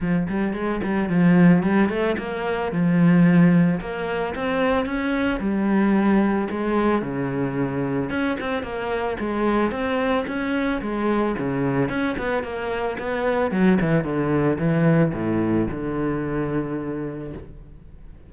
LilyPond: \new Staff \with { instrumentName = "cello" } { \time 4/4 \tempo 4 = 111 f8 g8 gis8 g8 f4 g8 a8 | ais4 f2 ais4 | c'4 cis'4 g2 | gis4 cis2 cis'8 c'8 |
ais4 gis4 c'4 cis'4 | gis4 cis4 cis'8 b8 ais4 | b4 fis8 e8 d4 e4 | a,4 d2. | }